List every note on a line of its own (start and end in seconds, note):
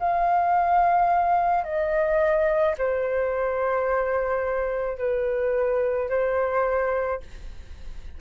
0.00 1.64 F5
1.64 2.75 D#5
2.78 4.98 C5
4.98 6.09 B4
6.10 7.21 C5